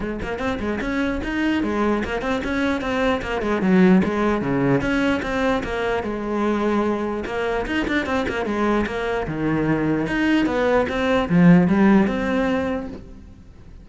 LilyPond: \new Staff \with { instrumentName = "cello" } { \time 4/4 \tempo 4 = 149 gis8 ais8 c'8 gis8 cis'4 dis'4 | gis4 ais8 c'8 cis'4 c'4 | ais8 gis8 fis4 gis4 cis4 | cis'4 c'4 ais4 gis4~ |
gis2 ais4 dis'8 d'8 | c'8 ais8 gis4 ais4 dis4~ | dis4 dis'4 b4 c'4 | f4 g4 c'2 | }